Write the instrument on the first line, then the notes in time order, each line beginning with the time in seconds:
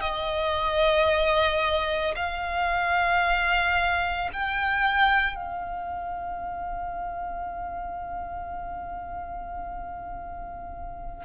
violin
0.00 D#5
2.15 F5
4.33 G5
5.35 F5